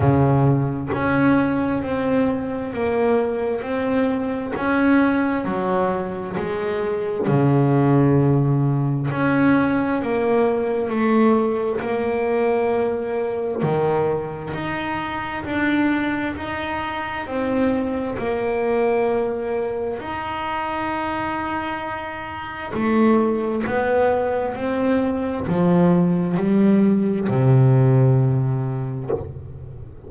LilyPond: \new Staff \with { instrumentName = "double bass" } { \time 4/4 \tempo 4 = 66 cis4 cis'4 c'4 ais4 | c'4 cis'4 fis4 gis4 | cis2 cis'4 ais4 | a4 ais2 dis4 |
dis'4 d'4 dis'4 c'4 | ais2 dis'2~ | dis'4 a4 b4 c'4 | f4 g4 c2 | }